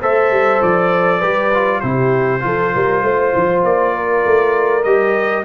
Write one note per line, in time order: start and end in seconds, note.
0.00 0.31 A3
0.00 1.22 A4
0.00 1.19 C5
0.00 0.62 E5
0.31 0.61 G3
0.62 1.22 F3
0.62 1.81 D5
1.19 1.83 G3
1.19 1.52 G4
1.19 1.80 B4
1.54 1.83 F4
1.81 2.44 C3
1.81 2.40 E4
1.81 2.42 G4
1.81 3.62 C5
2.40 2.74 F3
2.40 4.83 F4
2.40 2.75 A4
2.75 3.03 G3
2.75 3.04 A#4
3.03 3.33 A3
3.03 3.94 C5
3.36 3.64 F3
3.64 4.25 A#3
3.64 4.84 D5
3.94 5.45 A#4
4.25 4.85 A3
4.84 5.45 G3
4.84 5.45 G4
4.84 5.44 D#5